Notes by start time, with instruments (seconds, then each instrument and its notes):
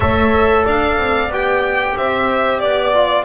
0.00 double bass A3, trombone A4, horn C#5, violin E5
0.64 double bass D4, horn D5, violin F5
0.97 double bass C4
1.29 double bass B3, trombone G4, violin G5
1.96 double bass C4, horn C5, violin E5
2.59 double bass B3, violin D5, horn D5
2.93 trombone F4